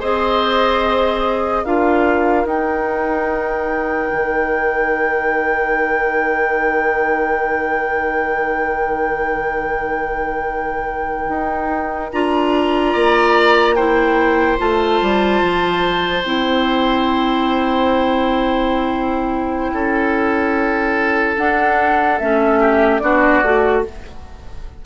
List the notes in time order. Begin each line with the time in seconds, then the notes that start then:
0.00 C4 G#4 C5 D#5
1.64 D4 F4 A#4 F5
2.45 D#4 G5
4.12 D#3
11.29 D#4
12.12 D4 F4 A#5
12.93 A#3 D5
13.75 E4 C5 G5
14.58 A3 F4 A5
15.01 G3
15.42 F3
16.22 C4 E4 G5
19.72 C#4 A4
21.37 D4 F#5
22.19 A3 C#4 E5
22.59 G4
22.99 B3 D4 F#4 D5
23.42 A3 F#4